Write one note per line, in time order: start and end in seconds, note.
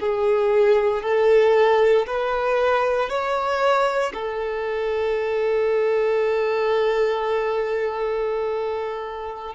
0.00 1.03 G#4
1.03 2.06 A4
2.06 3.09 B4
3.09 4.12 C#5
4.13 9.55 A4